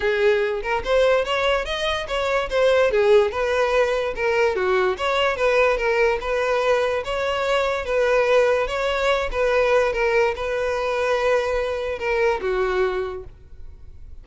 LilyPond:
\new Staff \with { instrumentName = "violin" } { \time 4/4 \tempo 4 = 145 gis'4. ais'8 c''4 cis''4 | dis''4 cis''4 c''4 gis'4 | b'2 ais'4 fis'4 | cis''4 b'4 ais'4 b'4~ |
b'4 cis''2 b'4~ | b'4 cis''4. b'4. | ais'4 b'2.~ | b'4 ais'4 fis'2 | }